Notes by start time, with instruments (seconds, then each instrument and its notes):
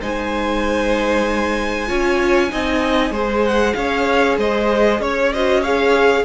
0.00 cello G#3, viola D#4, violin C5 G#5
1.87 cello C#4, viola F4, violin C#5
2.50 cello C4, viola D#4, violin D#5
3.10 cello G#3, viola G#4, violin C5
3.45 violin F#5
3.73 cello C#4, violin C#5 F5
4.37 cello G#3, violin C5 D#5
4.99 cello C#4, violin C#5
5.33 viola F#4, violin C5 D#5
5.60 viola G#4, violin C#5 F5